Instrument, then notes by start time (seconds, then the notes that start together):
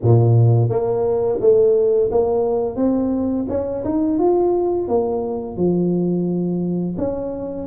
tuba
0.02 A#2
0.69 A#3
1.40 A3
2.11 A#3
2.76 C4
3.49 C#4
3.84 D#4
4.19 F4
4.87 A#3
5.56 F3
6.97 C#4